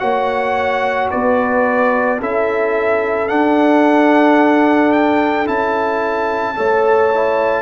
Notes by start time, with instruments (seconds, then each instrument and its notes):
0.00 tuba A#3, trombone F#4, horn C#5, trumpet F#5
1.11 tuba B3, horn B4, trumpet D5
2.20 tuba C#4, trombone E4, horn A4, trumpet E5
3.28 trombone D4, tuba D4, trumpet F#5
4.92 trumpet G5
5.46 tuba C#4, trombone E4, trumpet A5
6.56 tuba A3, trombone A4, horn C#5
7.15 trombone E4